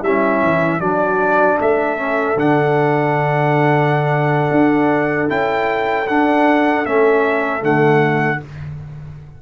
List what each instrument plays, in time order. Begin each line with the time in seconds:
0.00 tuba G3, trombone C#4, horn E4, trumpet E5
0.42 tuba E3
0.78 tuba F#3, trombone D4, horn F#4, trumpet D5
1.60 tuba A3, horn A4, trumpet E5
1.97 trombone C#4
2.35 tuba D3, trombone D4, trumpet F#5
4.51 tuba D4
5.28 tuba C#4, trombone E4, trumpet G5
6.07 tuba D4, trombone D4, trumpet F#5
6.86 tuba A3, trombone C#4, trumpet E5
7.60 tuba D3, trombone A3, trumpet F#5